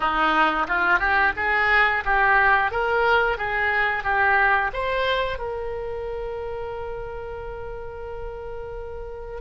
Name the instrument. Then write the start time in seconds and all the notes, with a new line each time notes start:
oboe
0.00 D#4
0.67 F4
0.99 G4
1.36 G#4
2.04 G4
2.71 A#4
3.37 G#4
4.03 G4
4.73 C5
5.38 A#4